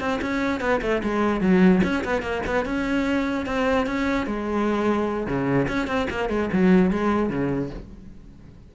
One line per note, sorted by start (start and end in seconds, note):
0.00 0.20 C4
0.22 0.61 C#4
0.61 0.81 B3
0.82 1.02 A3
1.03 1.41 G#3
1.41 1.81 F#3
1.84 2.04 C#4
2.05 2.22 B3
2.22 2.42 A#3
2.47 2.66 B3
2.66 3.46 C#4
3.46 3.87 C4
3.87 4.26 C#4
4.26 5.27 G#3
5.27 5.68 C#3
5.68 5.87 C#4
5.87 6.08 C4
6.10 6.30 A#3
6.30 6.50 G#3
6.53 6.91 F#3
6.91 7.30 G#3
7.30 7.70 C#3